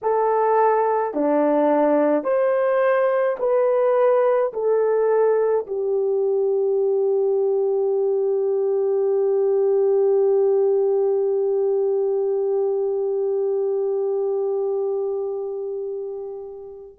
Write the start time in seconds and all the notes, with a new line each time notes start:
0.02 A4
1.14 D4
2.23 C5
3.39 B4
4.53 A4
5.67 G4